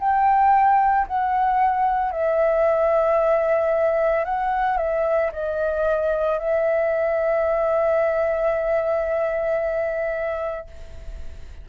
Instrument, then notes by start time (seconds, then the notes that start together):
flute
0.00 G5
1.08 F#5
2.12 E5
4.26 F#5
4.78 E5
5.33 D#5
6.39 E5